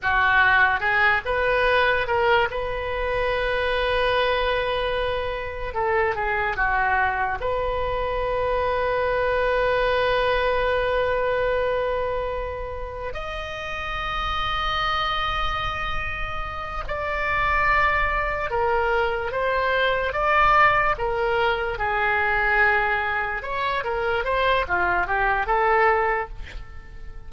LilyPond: \new Staff \with { instrumentName = "oboe" } { \time 4/4 \tempo 4 = 73 fis'4 gis'8 b'4 ais'8 b'4~ | b'2. a'8 gis'8 | fis'4 b'2.~ | b'1 |
dis''1~ | dis''8 d''2 ais'4 c''8~ | c''8 d''4 ais'4 gis'4.~ | gis'8 cis''8 ais'8 c''8 f'8 g'8 a'4 | }